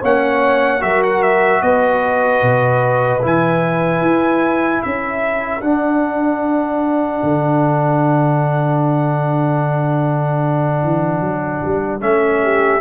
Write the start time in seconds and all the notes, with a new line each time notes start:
0.00 A#3 C#4 C#5 F#5
0.80 F#3 F#4 A#4 E5
1.03 F#5
1.22 E5
1.62 B3 B4 D#5
2.42 B2
3.21 E3 E4 G#5
4.01 E4
4.82 C#4 A4 E5
5.61 D4 F#5
7.23 D3
10.83 E3
11.20 F#3
11.64 G3
12.00 A3 C#4 E5
12.42 G4